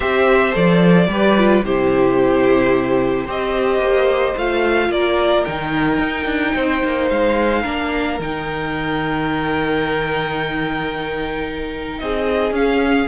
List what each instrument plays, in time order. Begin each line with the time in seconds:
0.00 cello C4, viola G4, violin C5 E5
0.52 cello F3, viola A4, violin D5
1.07 cello G3, viola G4, violin B4
1.37 viola F4
1.64 cello C3, viola E4, violin G4 C5
3.24 cello C4, viola G4, violin C5 D#5
3.78 cello A#3
4.36 cello A3, viola F4, violin F5
4.89 cello A#3, violin A#4 D5
5.44 cello D#3, viola D#4, violin G5
5.98 cello D#4
6.25 cello D4
6.55 cello C4, violin C5
6.83 cello A#3
7.10 cello G#3, violin F5
7.62 cello A#3, viola D4, violin A#4
8.19 cello D#3, viola D#4, violin G5
11.98 cello C4, violin G#4 D#5
12.51 cello C#4, viola C#4, violin F5